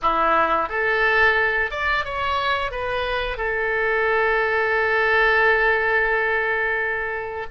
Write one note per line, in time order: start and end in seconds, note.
0.02 0.68 E4
0.68 1.70 A4
1.70 2.05 D5
2.05 2.71 C#5
2.71 3.37 B4
3.37 7.46 A4